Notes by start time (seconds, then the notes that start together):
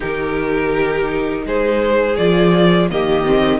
0.00 D#3 D#4 G4 A#4
1.45 G#3 G#4 C5
2.16 F3 F4 D5
2.90 D#3 A#3 G4 D#5
3.26 C4